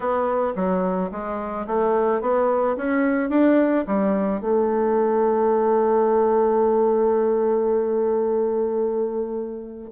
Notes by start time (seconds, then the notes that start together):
0.00 B3
0.55 F#3
1.11 G#3
1.67 A3
2.21 B3
2.76 C#4
3.29 D4
3.87 G3
4.40 A3